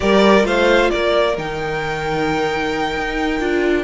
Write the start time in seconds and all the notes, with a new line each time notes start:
0.00 G3 G4 A#4 D5
0.42 A3 F4 C5 F5
0.90 A#3 A#4 D5
1.37 D#3 D#4 G5
2.96 D#4
3.39 D4 F4